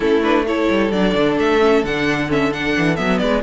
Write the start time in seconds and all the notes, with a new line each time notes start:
0.00 A3 C#4 E4 A4
0.22 D4 B4
0.46 E4 A4 C#5
0.69 G3
0.91 F#3 D4 D5
1.15 D3
1.37 A3 E5
1.60 C#4
1.83 D3 D4 F#5
2.28 C#4 E5
2.51 D4 F#5
2.77 E3
2.95 F#3 B3 E5
3.18 G#3 B4 D5